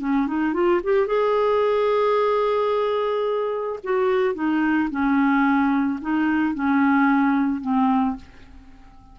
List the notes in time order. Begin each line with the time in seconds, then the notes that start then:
0.00 C#4
0.27 D#4
0.54 F4
0.84 G4
1.07 G#4
3.84 F#4
4.35 D#4
4.91 C#4
6.01 D#4
6.54 C#4
7.61 C4